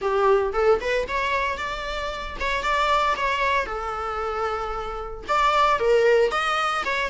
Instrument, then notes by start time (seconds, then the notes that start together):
viola
0.01 G4
0.53 A4
0.80 B4
1.08 C#5
1.57 D5
2.39 C#5
2.62 D5
3.16 C#5
3.66 A4
5.28 D5
5.79 A#4
6.31 D#5
6.85 C#5